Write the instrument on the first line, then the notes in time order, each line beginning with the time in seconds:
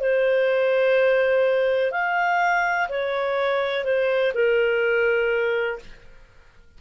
clarinet
0.00 C5
1.91 F5
2.89 C#5
3.84 C5
4.34 A#4